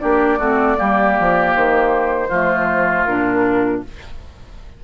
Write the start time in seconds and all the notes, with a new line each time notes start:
0.00 A#3 D4 G4 D5
0.39 A3 C4 F#4
0.76 G3 A#3 G4
1.20 F3
1.56 D#3 C5
2.29 F3 A3 F4
3.05 A#2 D4 A#4